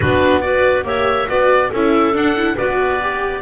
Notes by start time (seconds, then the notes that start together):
0.00 B3 D4 F#4 B4
0.40 F#4 B4 D5
0.84 A#3 G4 C#5 E5
1.28 B3 F#4 B4 D5
1.71 C#4 E4 A4 E5
2.12 D4 F#5
2.36 E4
2.55 B3 F#4 B4 D5
3.01 G4